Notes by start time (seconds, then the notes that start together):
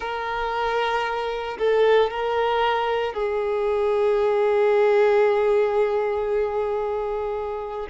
0.00 A#4
1.58 A4
2.10 A#4
3.13 G#4